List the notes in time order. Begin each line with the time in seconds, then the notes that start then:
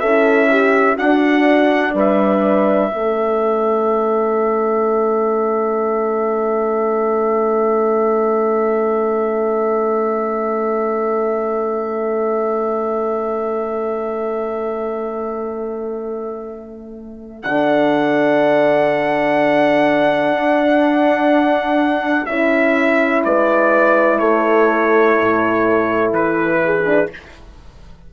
0.00 C#4 E4 A4 E5
0.50 G4
0.96 D4 F#4 F#5
1.95 G3 B4 E5
2.92 A3 C#4 A4
17.43 D3 D4 F#5
20.32 D4
22.26 C#4 E4 E5
23.25 G#3 B4 D5
24.19 A3 A4 C#5
25.20 A2
26.13 E3 B4
26.65 G#4
26.86 D4